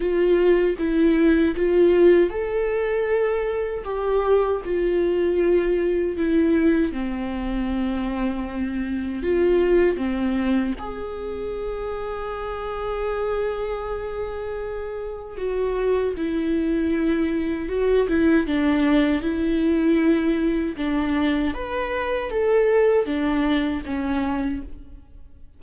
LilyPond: \new Staff \with { instrumentName = "viola" } { \time 4/4 \tempo 4 = 78 f'4 e'4 f'4 a'4~ | a'4 g'4 f'2 | e'4 c'2. | f'4 c'4 gis'2~ |
gis'1 | fis'4 e'2 fis'8 e'8 | d'4 e'2 d'4 | b'4 a'4 d'4 cis'4 | }